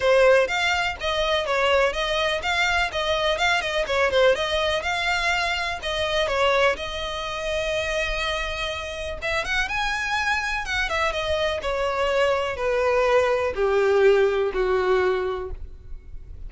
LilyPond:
\new Staff \with { instrumentName = "violin" } { \time 4/4 \tempo 4 = 124 c''4 f''4 dis''4 cis''4 | dis''4 f''4 dis''4 f''8 dis''8 | cis''8 c''8 dis''4 f''2 | dis''4 cis''4 dis''2~ |
dis''2. e''8 fis''8 | gis''2 fis''8 e''8 dis''4 | cis''2 b'2 | g'2 fis'2 | }